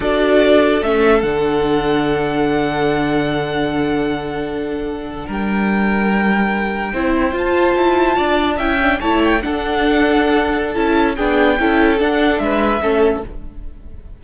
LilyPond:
<<
  \new Staff \with { instrumentName = "violin" } { \time 4/4 \tempo 4 = 145 d''2 e''4 fis''4~ | fis''1~ | fis''1~ | fis''8. g''2.~ g''16~ |
g''4.~ g''16 a''2~ a''16~ | a''8. g''4 a''8 g''8 fis''4~ fis''16~ | fis''2 a''4 g''4~ | g''4 fis''4 e''2 | }
  \new Staff \with { instrumentName = "violin" } { \time 4/4 a'1~ | a'1~ | a'1~ | a'8. ais'2.~ ais'16~ |
ais'8. c''2. d''16~ | d''8. e''4 cis''4 a'4~ a'16~ | a'2. gis'4 | a'2 b'4 a'4 | }
  \new Staff \with { instrumentName = "viola" } { \time 4/4 fis'2 cis'4 d'4~ | d'1~ | d'1~ | d'1~ |
d'8. e'4 f'2~ f'16~ | f'8. e'8 d'8 e'4 d'4~ d'16~ | d'2 e'4 d'4 | e'4 d'2 cis'4 | }
  \new Staff \with { instrumentName = "cello" } { \time 4/4 d'2 a4 d4~ | d1~ | d1~ | d8. g2.~ g16~ |
g8. c'4 f'4 e'4 d'16~ | d'8. cis'4 a4 d'4~ d'16~ | d'2 cis'4 b4 | cis'4 d'4 gis4 a4 | }
>>